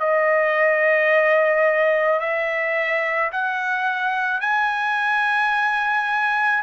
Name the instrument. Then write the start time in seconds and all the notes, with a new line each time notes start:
trumpet
0.00 D#5
2.20 E5
3.32 F#5
4.41 G#5